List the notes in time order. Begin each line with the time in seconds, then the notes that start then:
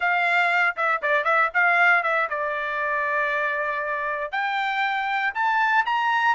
0.00 F5
0.76 E5
1.01 D5
1.24 E5
1.53 F5
2.03 E5
2.29 D5
4.31 G5
5.34 A5
5.85 A#5